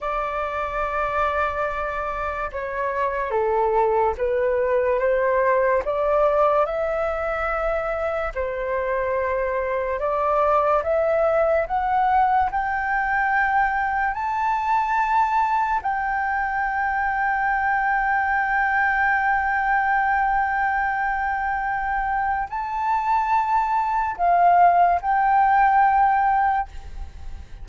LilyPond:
\new Staff \with { instrumentName = "flute" } { \time 4/4 \tempo 4 = 72 d''2. cis''4 | a'4 b'4 c''4 d''4 | e''2 c''2 | d''4 e''4 fis''4 g''4~ |
g''4 a''2 g''4~ | g''1~ | g''2. a''4~ | a''4 f''4 g''2 | }